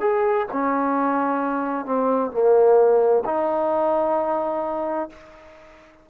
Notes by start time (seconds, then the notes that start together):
0.00 G#4
0.52 C#4
1.85 C4
2.31 A#3
3.24 D#4